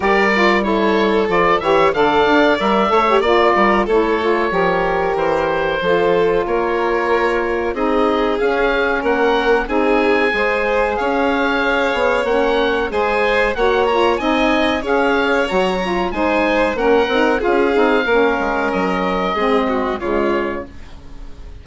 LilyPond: <<
  \new Staff \with { instrumentName = "oboe" } { \time 4/4 \tempo 4 = 93 d''4 cis''4 d''8 e''8 f''4 | e''4 d''4 cis''2 | c''2 cis''2 | dis''4 f''4 fis''4 gis''4~ |
gis''4 f''2 fis''4 | gis''4 fis''8 ais''8 gis''4 f''4 | ais''4 gis''4 fis''4 f''4~ | f''4 dis''2 cis''4 | }
  \new Staff \with { instrumentName = "violin" } { \time 4/4 ais'4 a'4. cis''8 d''4~ | d''8 cis''8 d''8 ais'8 a'4 ais'4~ | ais'4 a'4 ais'2 | gis'2 ais'4 gis'4 |
c''4 cis''2. | c''4 cis''4 dis''4 cis''4~ | cis''4 c''4 ais'4 gis'4 | ais'2 gis'8 fis'8 f'4 | }
  \new Staff \with { instrumentName = "saxophone" } { \time 4/4 g'8 f'8 e'4 f'8 g'8 a'4 | ais'8 a'16 g'16 f'4 e'8 f'8 g'4~ | g'4 f'2. | dis'4 cis'2 dis'4 |
gis'2. cis'4 | gis'4 fis'8 f'8 dis'4 gis'4 | fis'8 f'8 dis'4 cis'8 dis'8 f'8 dis'8 | cis'2 c'4 gis4 | }
  \new Staff \with { instrumentName = "bassoon" } { \time 4/4 g2 f8 e8 d8 d'8 | g8 a8 ais8 g8 a4 f4 | e4 f4 ais2 | c'4 cis'4 ais4 c'4 |
gis4 cis'4. b8 ais4 | gis4 ais4 c'4 cis'4 | fis4 gis4 ais8 c'8 cis'8 c'8 | ais8 gis8 fis4 gis4 cis4 | }
>>